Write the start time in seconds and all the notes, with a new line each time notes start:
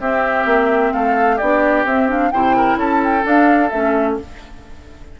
0.00 C4 G4 E5
0.45 A#3
0.93 A3 A4 F5
1.36 B3 D4 G4 D5
1.85 C4 E5
2.08 D4 F5
2.31 C3 E4 C5 G5
2.57 A#4
2.76 C#4 A4 A5
3.04 G5
3.22 D4 F5
3.70 A3 C#4 E5